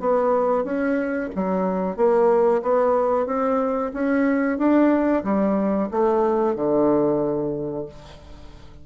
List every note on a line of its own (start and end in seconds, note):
0.00 0.64 B3
0.64 1.30 C#4
1.35 1.97 F#3
1.97 2.62 A#3
2.62 3.26 B3
3.26 3.91 C4
3.93 4.58 C#4
4.58 5.24 D4
5.24 5.89 G3
5.91 6.55 A3
6.55 7.86 D3